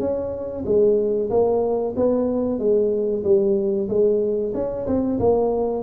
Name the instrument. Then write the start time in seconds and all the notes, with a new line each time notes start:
tuba
0.00 C#4
0.66 G#3
1.30 A#3
1.96 B3
2.59 G#3
3.24 G3
3.89 G#3
4.54 C#4
4.87 C4
5.20 A#3